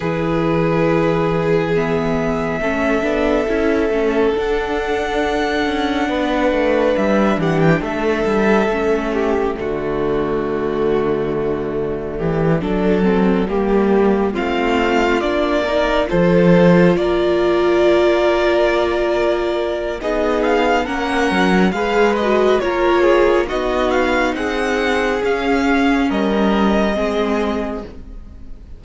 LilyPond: <<
  \new Staff \with { instrumentName = "violin" } { \time 4/4 \tempo 4 = 69 b'2 e''2~ | e''4 fis''2. | e''8 fis''16 g''16 e''2 d''4~ | d''1~ |
d''8 f''4 d''4 c''4 d''8~ | d''2. dis''8 f''8 | fis''4 f''8 dis''8 cis''4 dis''8 f''8 | fis''4 f''4 dis''2 | }
  \new Staff \with { instrumentName = "violin" } { \time 4/4 gis'2. a'4~ | a'2. b'4~ | b'8 g'8 a'4. g'8 fis'4~ | fis'2 g'8 a'4 g'8~ |
g'8 f'4. ais'8 a'4 ais'8~ | ais'2. gis'4 | ais'4 b'4 ais'8 gis'8 fis'4 | gis'2 ais'4 gis'4 | }
  \new Staff \with { instrumentName = "viola" } { \time 4/4 e'2 b4 cis'8 d'8 | e'8 cis'8 d'2.~ | d'2 cis'4 a4~ | a2~ a8 d'8 c'8 ais8~ |
ais8 c'4 d'8 dis'8 f'4.~ | f'2. dis'4 | cis'4 gis'8 fis'8 f'4 dis'4~ | dis'4 cis'2 c'4 | }
  \new Staff \with { instrumentName = "cello" } { \time 4/4 e2. a8 b8 | cis'8 a8 d'4. cis'8 b8 a8 | g8 e8 a8 g8 a4 d4~ | d2 e8 fis4 g8~ |
g8 a4 ais4 f4 ais8~ | ais2. b4 | ais8 fis8 gis4 ais4 b4 | c'4 cis'4 g4 gis4 | }
>>